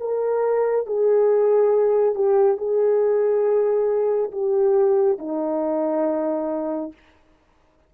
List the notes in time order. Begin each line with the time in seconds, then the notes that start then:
0.00 A#4
0.87 G#4
2.15 G4
2.58 G#4
4.32 G4
5.19 D#4